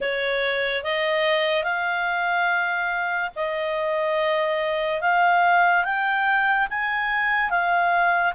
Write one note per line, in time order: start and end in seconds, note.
0.00 0.83 C#5
0.83 1.63 D#5
1.63 3.30 F5
3.35 5.01 D#5
5.01 5.84 F5
5.84 6.67 G5
6.70 7.50 G#5
7.50 8.33 F5